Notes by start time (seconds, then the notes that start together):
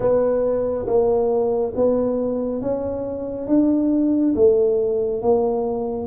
0.00 B3
0.86 A#3
1.75 B3
2.61 C#4
3.47 D4
4.35 A3
5.22 A#3